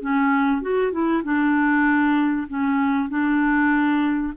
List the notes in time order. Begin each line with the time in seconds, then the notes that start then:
0.00 C#4
0.61 F#4
0.92 E4
1.23 D4
2.48 C#4
3.09 D4